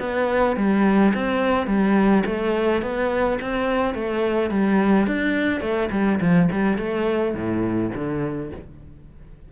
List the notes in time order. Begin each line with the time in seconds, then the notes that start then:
0.00 B3
0.57 G3
1.15 C4
1.67 G3
2.26 A3
2.83 B3
3.41 C4
3.95 A3
4.51 G3
5.07 D4
5.61 A3
5.92 G3
6.21 F3
6.52 G3
6.78 A3
7.35 A2
7.95 D3